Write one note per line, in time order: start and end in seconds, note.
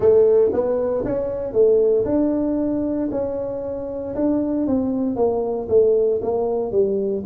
0.00 0.51 A3
0.52 1.04 B3
1.04 1.52 C#4
1.52 2.04 A3
2.05 3.08 D4
3.11 4.14 C#4
4.15 4.66 D4
4.66 5.16 C4
5.16 5.68 A#3
5.68 6.20 A3
6.22 6.71 A#3
6.71 7.23 G3